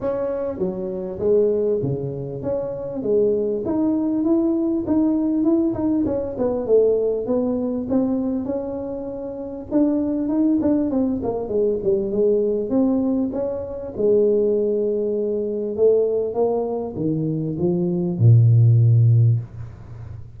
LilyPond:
\new Staff \with { instrumentName = "tuba" } { \time 4/4 \tempo 4 = 99 cis'4 fis4 gis4 cis4 | cis'4 gis4 dis'4 e'4 | dis'4 e'8 dis'8 cis'8 b8 a4 | b4 c'4 cis'2 |
d'4 dis'8 d'8 c'8 ais8 gis8 g8 | gis4 c'4 cis'4 gis4~ | gis2 a4 ais4 | dis4 f4 ais,2 | }